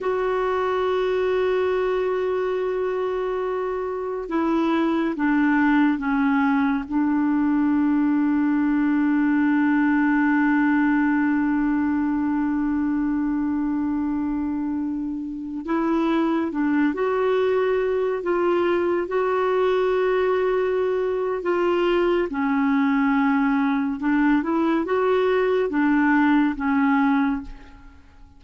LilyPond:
\new Staff \with { instrumentName = "clarinet" } { \time 4/4 \tempo 4 = 70 fis'1~ | fis'4 e'4 d'4 cis'4 | d'1~ | d'1~ |
d'2~ d'16 e'4 d'8 fis'16~ | fis'4~ fis'16 f'4 fis'4.~ fis'16~ | fis'4 f'4 cis'2 | d'8 e'8 fis'4 d'4 cis'4 | }